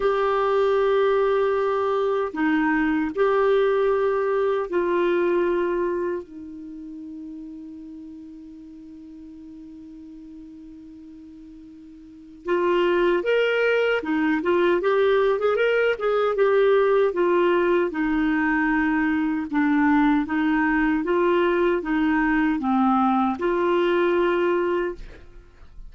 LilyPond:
\new Staff \with { instrumentName = "clarinet" } { \time 4/4 \tempo 4 = 77 g'2. dis'4 | g'2 f'2 | dis'1~ | dis'1 |
f'4 ais'4 dis'8 f'8 g'8. gis'16 | ais'8 gis'8 g'4 f'4 dis'4~ | dis'4 d'4 dis'4 f'4 | dis'4 c'4 f'2 | }